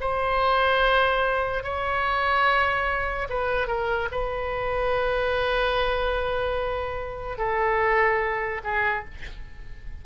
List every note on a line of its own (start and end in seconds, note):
0.00 1.63 C5
1.63 3.28 C#5
3.29 3.67 B4
3.67 4.08 A#4
4.11 7.38 B4
7.38 8.61 A4
8.63 9.04 G#4